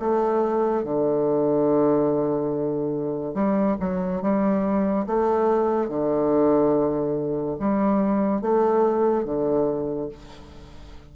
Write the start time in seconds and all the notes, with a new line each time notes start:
0.00 A3
0.84 D3
3.35 G3
3.81 F#3
4.22 G3
5.07 A3
5.89 D3
7.60 G3
8.42 A3
9.25 D3